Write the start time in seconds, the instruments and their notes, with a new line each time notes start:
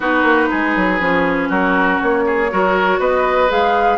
0.00 bassoon B3, clarinet D#4, oboe F#4, flute B4
0.23 bassoon A#3
0.50 bassoon G#3, oboe G#4
0.76 bassoon F#3
1.00 bassoon F3, clarinet C#4
1.48 bassoon F#3, oboe F#4, flute A#4
2.01 bassoon A#3, flute C#5
2.26 oboe G#4
2.50 bassoon F#3, clarinet F#4, oboe A#4
2.99 bassoon B3, oboe B4, flute D#5
3.48 bassoon G#3, clarinet G#4, flute F5